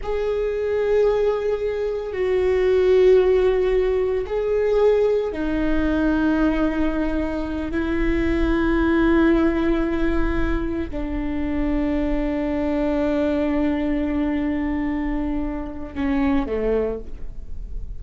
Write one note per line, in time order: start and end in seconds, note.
0.02 2.12 G#4
2.12 4.25 F#4
4.26 5.32 G#4
5.32 7.71 D#4
7.71 10.89 E4
10.90 15.94 D4
15.94 16.46 C#4
16.46 16.99 A3